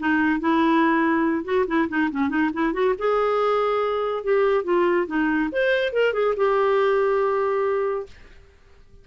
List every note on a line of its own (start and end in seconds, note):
0.00 0.40 D#4
0.40 1.44 E4
1.44 1.66 F#4
1.68 1.89 E4
1.89 2.10 D#4
2.12 2.29 C#4
2.29 2.51 D#4
2.53 2.73 E4
2.73 2.95 F#4
2.98 4.24 G#4
4.24 4.64 G4
4.64 5.07 F4
5.07 5.50 D#4
5.52 5.93 C5
5.93 6.14 A#4
6.14 6.35 G#4
6.37 8.07 G4